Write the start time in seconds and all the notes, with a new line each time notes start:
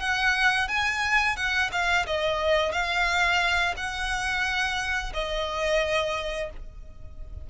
0.00 F#5
0.68 G#5
1.37 F#5
1.72 F5
2.07 D#5
2.72 F5
3.77 F#5
5.14 D#5